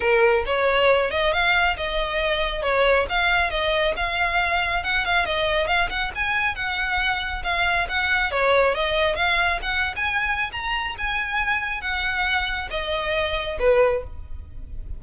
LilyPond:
\new Staff \with { instrumentName = "violin" } { \time 4/4 \tempo 4 = 137 ais'4 cis''4. dis''8 f''4 | dis''2 cis''4 f''4 | dis''4 f''2 fis''8 f''8 | dis''4 f''8 fis''8 gis''4 fis''4~ |
fis''4 f''4 fis''4 cis''4 | dis''4 f''4 fis''8. gis''4~ gis''16 | ais''4 gis''2 fis''4~ | fis''4 dis''2 b'4 | }